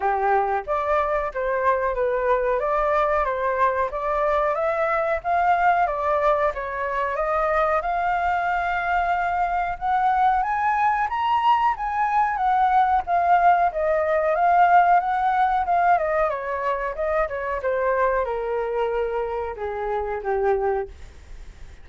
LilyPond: \new Staff \with { instrumentName = "flute" } { \time 4/4 \tempo 4 = 92 g'4 d''4 c''4 b'4 | d''4 c''4 d''4 e''4 | f''4 d''4 cis''4 dis''4 | f''2. fis''4 |
gis''4 ais''4 gis''4 fis''4 | f''4 dis''4 f''4 fis''4 | f''8 dis''8 cis''4 dis''8 cis''8 c''4 | ais'2 gis'4 g'4 | }